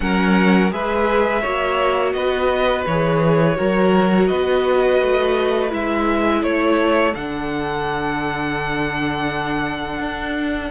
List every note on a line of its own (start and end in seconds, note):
0.00 0.72 F#3
0.00 0.71 C#4
0.00 0.73 A#4
0.00 0.72 F#5
0.71 1.43 G#3
0.71 1.42 G#4
0.71 1.41 B4
0.71 2.12 E5
1.41 2.14 A#3
1.41 2.85 F#4
1.41 2.13 C#5
2.12 2.85 B3
2.12 3.57 B4
2.12 2.84 D#5
2.86 3.57 E3
2.86 3.55 G#4
2.86 4.27 C#5
3.55 4.30 F#3
3.55 5.70 F#4
3.55 4.28 A#4
4.27 5.01 B3
4.27 6.42 B4
4.27 5.70 D#5
5.01 5.72 A3
5.70 6.42 G#3
5.70 7.12 E4
5.70 6.43 E5
6.42 7.14 A3
6.42 10.70 A4
6.42 7.14 C#5
7.14 9.99 D3
7.14 10.70 D4
7.14 10.70 F#5
9.99 10.70 D4